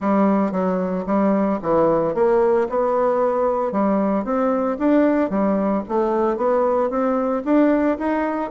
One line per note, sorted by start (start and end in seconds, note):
0.00 0.51 G3
0.51 1.04 F#3
1.06 1.59 G3
1.61 2.14 E3
2.14 2.67 A#3
2.69 3.72 B3
3.72 4.24 G3
4.24 4.77 C4
4.79 5.30 D4
5.30 5.83 G3
5.88 6.36 A3
6.36 6.90 B3
6.90 7.43 C4
7.44 7.97 D4
7.98 8.50 D#4